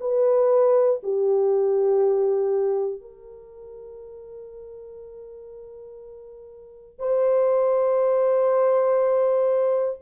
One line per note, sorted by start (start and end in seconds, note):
0.00 1.00 B4
1.03 3.01 G4
3.01 7.00 A#4
7.00 10.00 C5